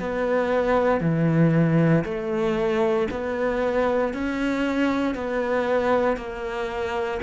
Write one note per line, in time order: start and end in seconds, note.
0.00 1.01 B3
1.01 2.04 E3
2.05 3.08 A3
3.11 4.14 B3
4.14 5.15 C#4
5.15 6.17 B3
6.17 7.20 A#3